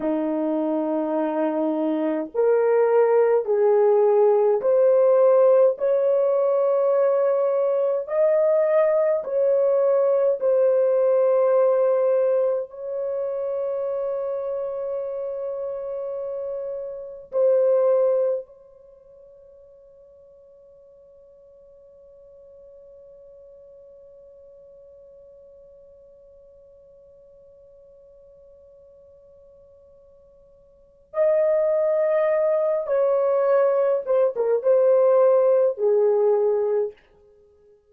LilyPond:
\new Staff \with { instrumentName = "horn" } { \time 4/4 \tempo 4 = 52 dis'2 ais'4 gis'4 | c''4 cis''2 dis''4 | cis''4 c''2 cis''4~ | cis''2. c''4 |
cis''1~ | cis''1~ | cis''2. dis''4~ | dis''8 cis''4 c''16 ais'16 c''4 gis'4 | }